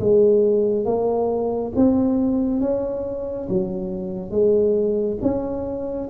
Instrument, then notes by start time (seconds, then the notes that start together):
tuba
0.00 G#3
0.85 A#3
1.76 C4
2.61 C#4
3.49 F#3
4.31 G#3
5.22 C#4